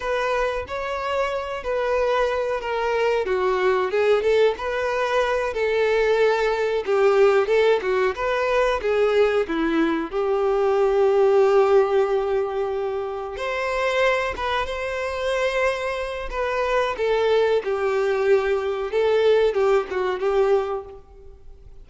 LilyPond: \new Staff \with { instrumentName = "violin" } { \time 4/4 \tempo 4 = 92 b'4 cis''4. b'4. | ais'4 fis'4 gis'8 a'8 b'4~ | b'8 a'2 g'4 a'8 | fis'8 b'4 gis'4 e'4 g'8~ |
g'1~ | g'8 c''4. b'8 c''4.~ | c''4 b'4 a'4 g'4~ | g'4 a'4 g'8 fis'8 g'4 | }